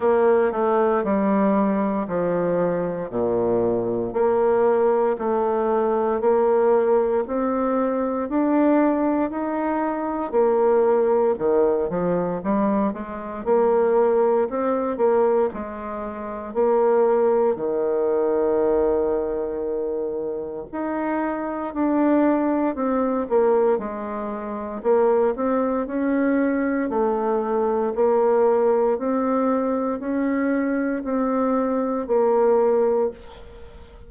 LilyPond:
\new Staff \with { instrumentName = "bassoon" } { \time 4/4 \tempo 4 = 58 ais8 a8 g4 f4 ais,4 | ais4 a4 ais4 c'4 | d'4 dis'4 ais4 dis8 f8 | g8 gis8 ais4 c'8 ais8 gis4 |
ais4 dis2. | dis'4 d'4 c'8 ais8 gis4 | ais8 c'8 cis'4 a4 ais4 | c'4 cis'4 c'4 ais4 | }